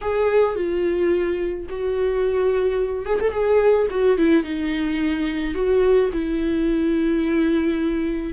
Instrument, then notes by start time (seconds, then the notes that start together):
viola
0.01 G#4
0.55 F4
1.69 F#4
3.05 G#4
3.20 A4
3.31 G#4
3.90 F#4
4.17 E4
4.43 D#4
5.54 F#4
6.12 E4